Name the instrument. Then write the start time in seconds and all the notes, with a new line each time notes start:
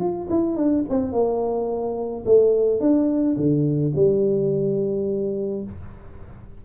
tuba
0.00 F4
0.30 E4
0.57 D4
0.90 C4
1.13 A#3
2.26 A3
2.81 D4
3.37 D3
3.96 G3